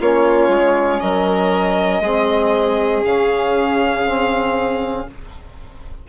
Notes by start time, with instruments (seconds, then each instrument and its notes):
0.00 bassoon A#3, trombone C#4, violin F4 C#5
0.49 bassoon G#3
1.00 bassoon F#3, violin A#4 D#5
2.00 bassoon G#3, trombone C4, violin G#4
3.05 bassoon C#3, trombone C#4, violin F5
4.06 trombone C4